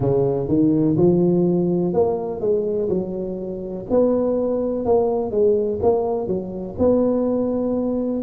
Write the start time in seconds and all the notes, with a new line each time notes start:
0.00 C#3
0.48 D#3
0.96 F3
1.93 A#3
2.40 G#3
2.89 F#3
3.89 B3
4.85 A#3
5.31 G#3
5.82 A#3
6.26 F#3
6.78 B3